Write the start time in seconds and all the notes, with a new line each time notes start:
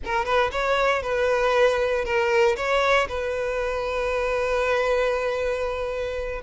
0.04 A#4
0.25 B4
0.51 C#5
1.02 B4
2.04 A#4
2.56 C#5
3.08 B4